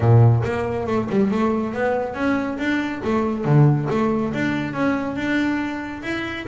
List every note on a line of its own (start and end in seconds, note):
0.00 0.42 A#2
0.44 0.86 A#3
0.86 1.08 A3
1.09 1.31 G3
1.31 1.73 A3
1.73 2.14 B3
2.14 2.57 C#4
2.58 3.01 D4
3.04 3.44 A3
3.44 3.88 D3
3.89 4.33 A3
4.33 4.73 D4
4.73 5.16 C#4
5.16 6.02 D4
6.02 6.46 E4